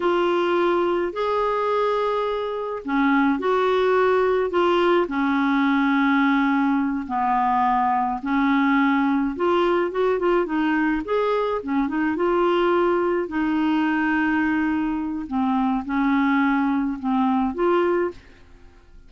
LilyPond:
\new Staff \with { instrumentName = "clarinet" } { \time 4/4 \tempo 4 = 106 f'2 gis'2~ | gis'4 cis'4 fis'2 | f'4 cis'2.~ | cis'8 b2 cis'4.~ |
cis'8 f'4 fis'8 f'8 dis'4 gis'8~ | gis'8 cis'8 dis'8 f'2 dis'8~ | dis'2. c'4 | cis'2 c'4 f'4 | }